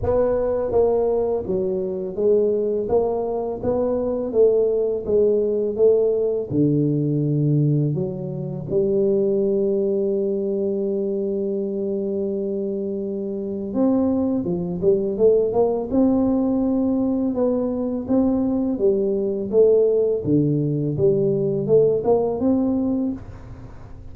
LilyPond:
\new Staff \with { instrumentName = "tuba" } { \time 4/4 \tempo 4 = 83 b4 ais4 fis4 gis4 | ais4 b4 a4 gis4 | a4 d2 fis4 | g1~ |
g2. c'4 | f8 g8 a8 ais8 c'2 | b4 c'4 g4 a4 | d4 g4 a8 ais8 c'4 | }